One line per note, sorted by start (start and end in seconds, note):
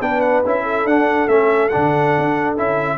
0.00 0.43 B3
0.00 0.43 D4
0.00 0.63 B4
0.00 0.20 G5
0.20 0.42 F#5
0.45 0.84 C#4
0.45 0.88 E4
0.45 0.87 E5
0.63 2.97 A4
0.84 1.27 D4
0.84 1.28 D4
0.84 1.28 F#5
1.27 1.70 A3
1.27 1.71 C#4
1.27 1.69 E5
1.69 2.57 D4
1.69 2.54 F#5
1.75 2.17 D3
2.17 2.58 D4
2.57 2.98 C#4
2.57 2.98 E4
2.57 2.98 E5